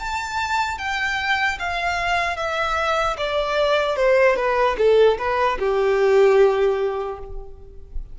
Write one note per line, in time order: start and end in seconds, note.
0.00 0.79 A5
0.79 1.59 G5
1.60 2.37 F5
2.37 3.17 E5
3.18 3.96 D5
3.96 4.36 C5
4.37 4.77 B4
4.78 5.18 A4
5.19 5.59 B4
5.59 7.19 G4